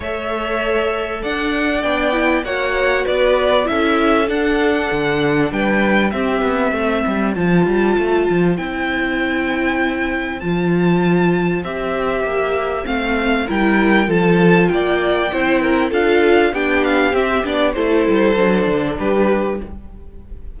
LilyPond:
<<
  \new Staff \with { instrumentName = "violin" } { \time 4/4 \tempo 4 = 98 e''2 fis''4 g''4 | fis''4 d''4 e''4 fis''4~ | fis''4 g''4 e''2 | a''2 g''2~ |
g''4 a''2 e''4~ | e''4 f''4 g''4 a''4 | g''2 f''4 g''8 f''8 | e''8 d''8 c''2 b'4 | }
  \new Staff \with { instrumentName = "violin" } { \time 4/4 cis''2 d''2 | cis''4 b'4 a'2~ | a'4 b'4 g'4 c''4~ | c''1~ |
c''1~ | c''2 ais'4 a'4 | d''4 c''8 ais'8 a'4 g'4~ | g'4 a'2 g'4 | }
  \new Staff \with { instrumentName = "viola" } { \time 4/4 a'2. d'8 e'8 | fis'2 e'4 d'4~ | d'2 c'2 | f'2 e'2~ |
e'4 f'2 g'4~ | g'4 c'4 e'4 f'4~ | f'4 e'4 f'4 d'4 | c'8 d'8 e'4 d'2 | }
  \new Staff \with { instrumentName = "cello" } { \time 4/4 a2 d'4 b4 | ais4 b4 cis'4 d'4 | d4 g4 c'8 b8 a8 g8 | f8 g8 a8 f8 c'2~ |
c'4 f2 c'4 | ais4 a4 g4 f4 | ais4 c'4 d'4 b4 | c'8 b8 a8 g8 fis8 d8 g4 | }
>>